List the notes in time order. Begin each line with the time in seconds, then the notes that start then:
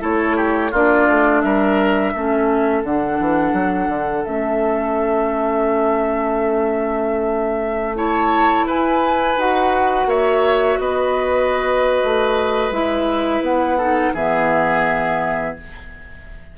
0.00 A3 E4 A4 C#5
0.37 G4
0.72 A#3 D4 F4 D5
1.08 A3
1.42 G3 A#4 E5
2.14 A3 C#4 A4
2.84 D3 D4 F#5
3.20 E3
3.53 F#3
3.88 D3
4.25 A3 C#4 E5
7.96 E4 C#5 A5
8.67 E4 B4 G#5
9.37 D#4 F#4 F#5
10.06 A#3 C#5 E5
10.80 B3 B4 D#5
12.04 A3
12.71 G#3 E4 E5
13.41 B3 F#5
13.78 D#4 A4
14.14 E3 B3 G#4 E5